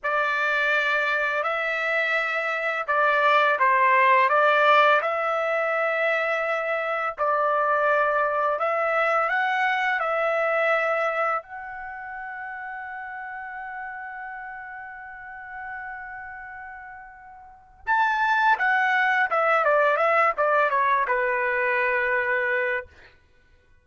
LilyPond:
\new Staff \with { instrumentName = "trumpet" } { \time 4/4 \tempo 4 = 84 d''2 e''2 | d''4 c''4 d''4 e''4~ | e''2 d''2 | e''4 fis''4 e''2 |
fis''1~ | fis''1~ | fis''4 a''4 fis''4 e''8 d''8 | e''8 d''8 cis''8 b'2~ b'8 | }